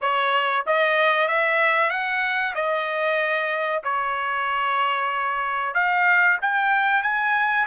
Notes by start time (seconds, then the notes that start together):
0.01 C#5
0.66 D#5
1.28 E5
1.90 F#5
2.54 D#5
3.83 C#5
5.74 F5
6.41 G5
7.02 G#5